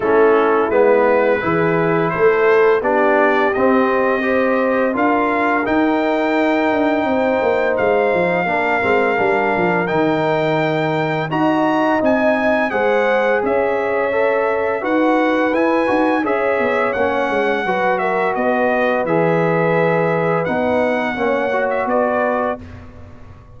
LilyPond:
<<
  \new Staff \with { instrumentName = "trumpet" } { \time 4/4 \tempo 4 = 85 a'4 b'2 c''4 | d''4 dis''2 f''4 | g''2. f''4~ | f''2 g''2 |
ais''4 gis''4 fis''4 e''4~ | e''4 fis''4 gis''4 e''4 | fis''4. e''8 dis''4 e''4~ | e''4 fis''4.~ fis''16 e''16 d''4 | }
  \new Staff \with { instrumentName = "horn" } { \time 4/4 e'2 gis'4 a'4 | g'2 c''4 ais'4~ | ais'2 c''2 | ais'1 |
dis''2 c''4 cis''4~ | cis''4 b'2 cis''4~ | cis''4 b'8 ais'8 b'2~ | b'2 cis''4 b'4 | }
  \new Staff \with { instrumentName = "trombone" } { \time 4/4 cis'4 b4 e'2 | d'4 c'4 g'4 f'4 | dis'1 | d'8 c'8 d'4 dis'2 |
fis'4 dis'4 gis'2 | a'4 fis'4 e'8 fis'8 gis'4 | cis'4 fis'2 gis'4~ | gis'4 dis'4 cis'8 fis'4. | }
  \new Staff \with { instrumentName = "tuba" } { \time 4/4 a4 gis4 e4 a4 | b4 c'2 d'4 | dis'4. d'8 c'8 ais8 gis8 f8 | ais8 gis8 g8 f8 dis2 |
dis'4 c'4 gis4 cis'4~ | cis'4 dis'4 e'8 dis'8 cis'8 b8 | ais8 gis8 fis4 b4 e4~ | e4 b4 ais4 b4 | }
>>